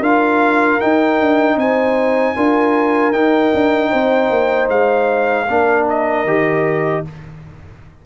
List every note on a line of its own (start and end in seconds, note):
0.00 0.79 D4
0.00 0.81 F4
0.00 1.56 A#4
0.00 0.81 F5
0.81 2.36 D#4
0.81 1.20 D#4
0.81 1.58 G5
1.20 1.56 D4
1.56 2.34 C4
1.56 2.36 C5
1.56 3.13 G#5
2.36 3.13 D4
2.36 3.13 F4
2.36 3.90 A#4
3.13 3.52 D#4
3.13 5.47 D#4
3.13 4.69 G5
3.54 3.93 D4
3.90 4.30 C4
3.90 5.46 C5
4.30 4.69 A#3
4.69 5.47 G#3
4.69 5.87 F5
5.48 6.25 A#3
5.48 6.27 D4
5.48 7.04 A#4
5.89 7.06 D#5
6.25 7.03 D#3
6.25 7.05 G4